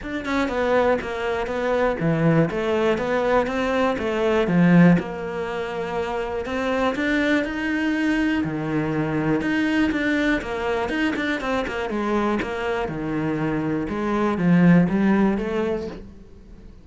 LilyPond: \new Staff \with { instrumentName = "cello" } { \time 4/4 \tempo 4 = 121 d'8 cis'8 b4 ais4 b4 | e4 a4 b4 c'4 | a4 f4 ais2~ | ais4 c'4 d'4 dis'4~ |
dis'4 dis2 dis'4 | d'4 ais4 dis'8 d'8 c'8 ais8 | gis4 ais4 dis2 | gis4 f4 g4 a4 | }